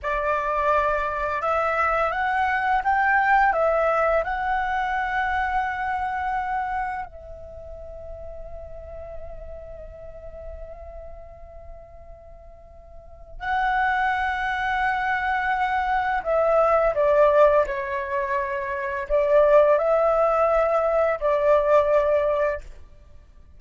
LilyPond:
\new Staff \with { instrumentName = "flute" } { \time 4/4 \tempo 4 = 85 d''2 e''4 fis''4 | g''4 e''4 fis''2~ | fis''2 e''2~ | e''1~ |
e''2. fis''4~ | fis''2. e''4 | d''4 cis''2 d''4 | e''2 d''2 | }